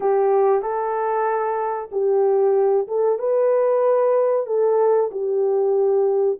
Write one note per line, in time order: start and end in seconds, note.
0.00 0.62 G4
0.62 1.89 A4
1.91 2.87 G4
2.87 3.18 A4
3.18 4.46 B4
4.46 5.10 A4
5.11 6.38 G4